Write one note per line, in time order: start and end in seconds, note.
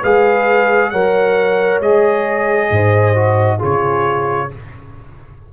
0.00 0.92 G#3
0.00 0.93 G#4
0.00 0.90 B4
0.00 0.90 F5
0.90 1.80 F#3
0.90 1.82 A#4
0.90 2.70 C#5
0.90 1.79 F#5
1.80 2.69 G#3
1.80 3.14 G#4
1.80 3.60 D#5
2.70 3.60 G#2
2.70 3.57 C5
3.14 3.59 F#4
3.57 4.52 C#3
3.57 4.48 F4
3.57 4.47 G#4
3.57 4.53 C#5